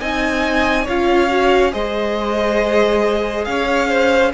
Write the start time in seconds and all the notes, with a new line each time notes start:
0.00 C4 D#4 D#5 G#5
0.85 C#4 F4 C#5 F5
1.29 F#4
1.72 G#3 G#4 C5 D#5
3.45 C#4 C#5 F5
3.89 C5